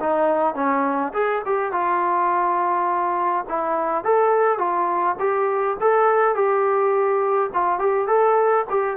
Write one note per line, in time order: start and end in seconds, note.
0.00 0.55 D#4
0.55 1.12 C#4
1.13 1.42 G#4
1.46 1.72 G4
1.72 3.45 F4
3.49 4.04 E4
4.04 4.58 A4
4.58 5.16 F4
5.19 5.77 G4
5.81 6.35 A4
6.35 7.50 G4
7.54 7.79 F4
7.79 8.07 G4
8.07 8.65 A4
8.70 8.96 G4